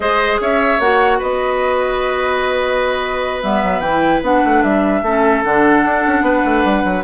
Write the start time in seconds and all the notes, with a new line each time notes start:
0.00 G#3 G#4 C5 D#5
0.40 C#4 C#5 E5
0.79 A#3 F#4 F#5
1.18 B3 B4 D#5
3.42 G3 B3 E5
3.63 F#3
3.80 E3 E4 G5
4.21 B3 D4 F#5
4.44 A3
4.62 G3 E5
5.02 A3 C#4 A4
5.43 D3 D4 F#5
5.84 D4
6.07 C#4
6.21 B3 B4
6.44 A3
6.64 G3
6.84 F#3